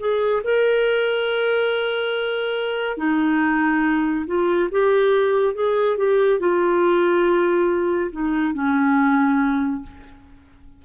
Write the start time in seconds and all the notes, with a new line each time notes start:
0.00 G#4
0.44 A#4
2.97 D#4
4.27 F4
4.71 G4
5.55 G#4
5.98 G4
6.40 F4
8.12 D#4
8.54 C#4